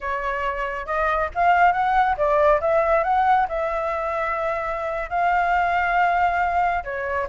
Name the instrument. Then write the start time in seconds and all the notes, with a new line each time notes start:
flute
0.00 C#5
0.85 D#5
1.34 F5
1.72 F#5
2.17 D5
2.61 E5
3.03 F#5
3.48 E5
5.09 F5
6.84 C#5